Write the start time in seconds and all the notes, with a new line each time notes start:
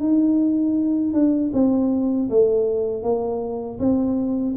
0.00 D#4
1.14 D4
1.54 C4
2.30 A3
3.03 A#3
3.80 C4